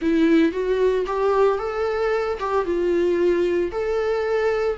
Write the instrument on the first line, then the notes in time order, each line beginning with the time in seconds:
viola
0.01 E4
0.52 F#4
1.06 G4
1.58 A4
2.39 G4
2.65 F4
3.71 A4